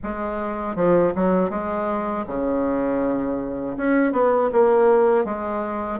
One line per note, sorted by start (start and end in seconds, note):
0.03 0.75 G#3
0.75 1.12 F3
1.15 1.50 F#3
1.50 2.25 G#3
2.27 3.77 C#3
3.77 4.12 C#4
4.12 4.50 B3
4.52 5.24 A#3
5.24 5.99 G#3